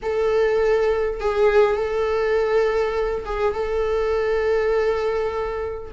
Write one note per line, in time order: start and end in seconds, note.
0.02 1.20 A4
1.20 1.76 G#4
1.76 3.24 A4
3.25 3.53 G#4
3.53 5.91 A4